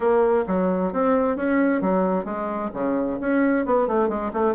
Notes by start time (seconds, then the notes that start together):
0.00 A#3
0.47 F#3
0.92 C4
1.36 C#4
1.81 F#3
2.24 G#3
2.73 C#3
3.20 C#4
3.65 B3
3.87 A3
4.08 G#3
4.33 A3